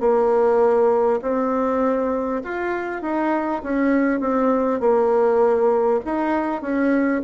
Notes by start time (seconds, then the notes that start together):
0.00 A#3
1.22 C4
2.44 F4
3.02 D#4
3.63 C#4
4.20 C4
4.80 A#3
6.05 D#4
6.62 C#4